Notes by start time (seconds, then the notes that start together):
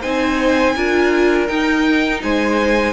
0.00 C4 D#4 C5 G#5
0.75 D4 F4 A#4
1.47 D#4 G5
2.22 G#3 C5 G#5